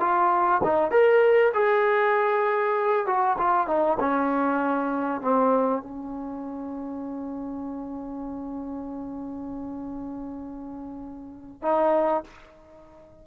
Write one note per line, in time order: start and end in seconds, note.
0.00 0.61 F4
0.64 0.91 D#4
0.91 1.52 A#4
1.54 3.06 G#4
3.06 3.37 F#4
3.38 3.67 F4
3.67 3.98 D#4
4.00 5.21 C#4
5.21 5.82 C4
5.82 11.62 C#4
11.62 12.23 D#4